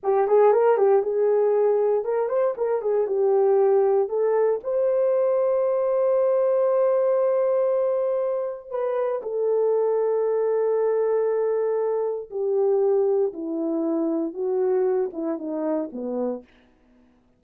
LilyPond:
\new Staff \with { instrumentName = "horn" } { \time 4/4 \tempo 4 = 117 g'8 gis'8 ais'8 g'8 gis'2 | ais'8 c''8 ais'8 gis'8 g'2 | a'4 c''2.~ | c''1~ |
c''4 b'4 a'2~ | a'1 | g'2 e'2 | fis'4. e'8 dis'4 b4 | }